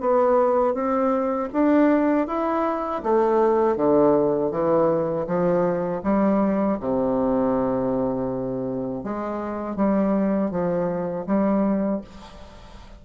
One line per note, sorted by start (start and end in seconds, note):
0.00 0.74 B3
0.74 1.49 C4
1.52 2.27 D4
2.27 3.02 E4
3.03 3.76 A3
3.76 4.51 D3
4.51 5.26 E3
5.26 6.01 F3
6.03 6.78 G3
6.79 9.03 C3
9.03 9.75 G#3
9.75 10.50 G3
10.50 11.25 F3
11.26 12.01 G3